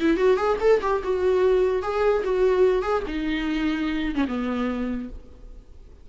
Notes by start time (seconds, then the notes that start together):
0.00 E4
0.17 F#4
0.37 G#4
0.61 A4
0.82 G4
1.04 F#4
1.83 G#4
2.24 F#4
2.82 G#4
3.08 D#4
4.16 C#4
4.28 B3